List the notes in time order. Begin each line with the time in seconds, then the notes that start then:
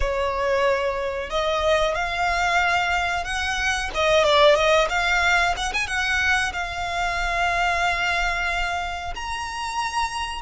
0.00 C#5
1.30 D#5
1.94 F5
3.24 F#5
3.94 D#5
4.24 D5
4.55 D#5
4.89 F5
5.56 F#5
5.73 G#5
5.87 F#5
6.52 F5
9.15 A#5